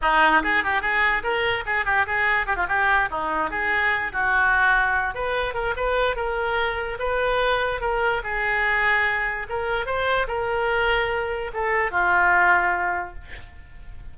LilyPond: \new Staff \with { instrumentName = "oboe" } { \time 4/4 \tempo 4 = 146 dis'4 gis'8 g'8 gis'4 ais'4 | gis'8 g'8 gis'4 g'16 f'16 g'4 dis'8~ | dis'8 gis'4. fis'2~ | fis'8 b'4 ais'8 b'4 ais'4~ |
ais'4 b'2 ais'4 | gis'2. ais'4 | c''4 ais'2. | a'4 f'2. | }